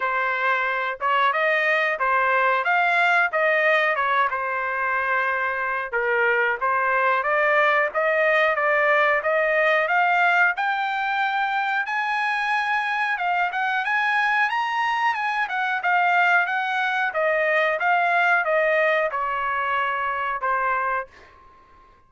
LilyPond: \new Staff \with { instrumentName = "trumpet" } { \time 4/4 \tempo 4 = 91 c''4. cis''8 dis''4 c''4 | f''4 dis''4 cis''8 c''4.~ | c''4 ais'4 c''4 d''4 | dis''4 d''4 dis''4 f''4 |
g''2 gis''2 | f''8 fis''8 gis''4 ais''4 gis''8 fis''8 | f''4 fis''4 dis''4 f''4 | dis''4 cis''2 c''4 | }